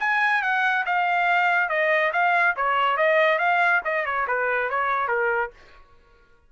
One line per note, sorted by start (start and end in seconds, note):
0.00 0.42 G#5
0.42 0.85 F#5
0.86 1.69 F5
1.69 2.12 D#5
2.13 2.55 F5
2.56 2.97 C#5
2.97 3.39 D#5
3.39 3.81 F5
3.85 4.06 D#5
4.06 4.27 C#5
4.28 4.70 B4
4.70 5.08 C#5
5.08 5.50 A#4